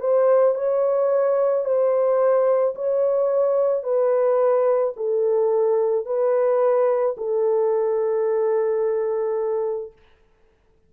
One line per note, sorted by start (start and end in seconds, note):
0.00 0.55 C5
0.55 1.65 C#5
1.65 2.75 C5
2.75 3.83 C#5
3.83 4.93 B4
4.96 6.06 A4
6.06 7.16 B4
7.17 9.92 A4